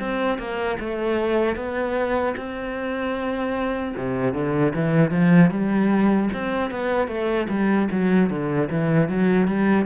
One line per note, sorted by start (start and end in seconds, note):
0.00 0.38 C4
0.38 0.78 A#3
0.80 1.56 A3
1.56 2.35 B3
2.37 3.95 C4
3.97 4.34 C3
4.34 4.73 D3
4.75 5.11 E3
5.11 5.50 F3
5.50 6.29 G3
6.34 6.71 C4
6.71 7.08 B3
7.08 7.47 A3
7.49 7.89 G3
7.91 8.30 F#3
8.30 8.69 D3
8.71 9.09 E3
9.09 9.48 F#3
9.48 9.86 G3